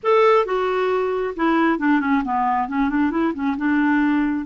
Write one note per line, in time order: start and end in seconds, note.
0.03 0.45 A4
0.45 1.34 F#4
1.36 1.79 E4
1.79 2.00 D4
2.00 2.22 C#4
2.24 2.68 B3
2.68 2.89 C#4
2.89 3.11 D4
3.11 3.33 E4
3.34 3.56 C#4
3.57 4.45 D4